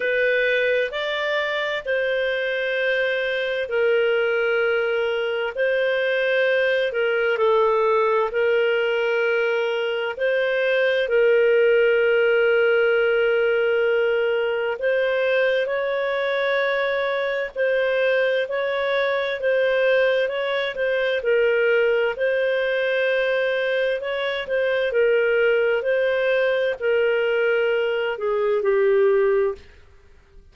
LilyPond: \new Staff \with { instrumentName = "clarinet" } { \time 4/4 \tempo 4 = 65 b'4 d''4 c''2 | ais'2 c''4. ais'8 | a'4 ais'2 c''4 | ais'1 |
c''4 cis''2 c''4 | cis''4 c''4 cis''8 c''8 ais'4 | c''2 cis''8 c''8 ais'4 | c''4 ais'4. gis'8 g'4 | }